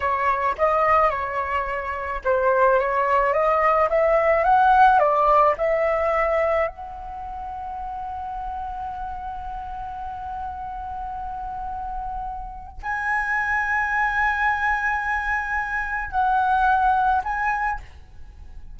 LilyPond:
\new Staff \with { instrumentName = "flute" } { \time 4/4 \tempo 4 = 108 cis''4 dis''4 cis''2 | c''4 cis''4 dis''4 e''4 | fis''4 d''4 e''2 | fis''1~ |
fis''1~ | fis''2. gis''4~ | gis''1~ | gis''4 fis''2 gis''4 | }